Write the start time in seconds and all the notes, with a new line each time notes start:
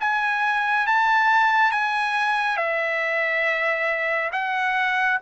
0.00 G#5
0.86 A5
1.71 G#5
2.57 E5
4.32 F#5